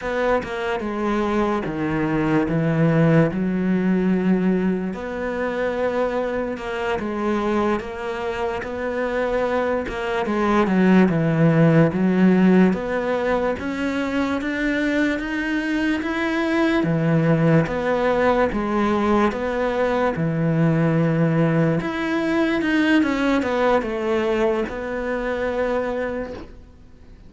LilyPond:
\new Staff \with { instrumentName = "cello" } { \time 4/4 \tempo 4 = 73 b8 ais8 gis4 dis4 e4 | fis2 b2 | ais8 gis4 ais4 b4. | ais8 gis8 fis8 e4 fis4 b8~ |
b8 cis'4 d'4 dis'4 e'8~ | e'8 e4 b4 gis4 b8~ | b8 e2 e'4 dis'8 | cis'8 b8 a4 b2 | }